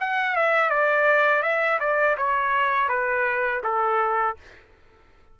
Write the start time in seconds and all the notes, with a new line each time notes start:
0.00 F#5
0.36 E5
0.70 D5
1.42 E5
1.80 D5
2.17 C#5
2.89 B4
3.63 A4